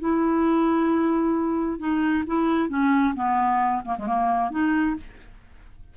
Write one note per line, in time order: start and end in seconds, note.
0.00 1.79 E4
1.79 2.24 D#4
2.27 2.69 E4
2.69 3.15 C#4
3.15 3.83 B3
3.85 3.97 A#3
3.99 4.07 G#3
4.07 4.51 A#3
4.51 4.96 D#4